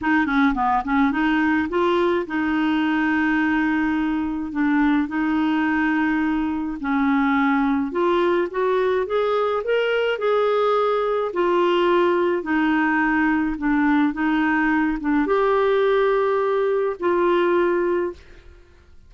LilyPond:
\new Staff \with { instrumentName = "clarinet" } { \time 4/4 \tempo 4 = 106 dis'8 cis'8 b8 cis'8 dis'4 f'4 | dis'1 | d'4 dis'2. | cis'2 f'4 fis'4 |
gis'4 ais'4 gis'2 | f'2 dis'2 | d'4 dis'4. d'8 g'4~ | g'2 f'2 | }